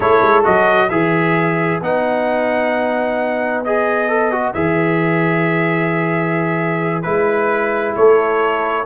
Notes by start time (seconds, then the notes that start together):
0.00 A3 E4 A4 C#5
0.22 G#3
0.43 F#3 F#4 D#5
0.89 E3 G#4 B4 E5
1.81 B3 D#4 F#5
3.64 G#4 D#5
4.08 A4
4.31 F#4
4.53 E3 G#4 E5
7.02 G#3 E4 B4
7.96 A3 A4 C#5